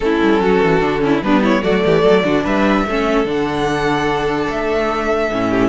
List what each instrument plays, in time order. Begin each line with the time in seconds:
0.00 cello A3, viola C#4, violin E4 A4
0.22 cello G3
0.39 cello F#3, violin F#4
0.62 cello E3
0.81 cello D3, viola D4
0.99 viola C#4, violin E4
1.22 cello G3, viola B3, violin D4 B4
1.41 violin E4 C#5
1.62 cello F#3, viola A3, violin F#4 D5
1.85 cello E3, violin G4
2.02 cello F#3, violin A4
2.24 cello D3, viola D4, violin F#4
2.43 cello G3, violin B4 E5
2.86 cello A3, viola C#4, violin A4
3.24 cello D3, viola D4, violin F#5
4.48 cello A3, violin E5
5.31 cello A2, viola C#4
5.49 violin G4